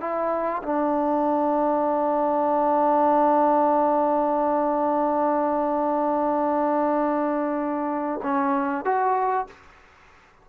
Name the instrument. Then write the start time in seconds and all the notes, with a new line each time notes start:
trombone
0.00 E4
0.62 D4
8.23 C#4
8.85 F#4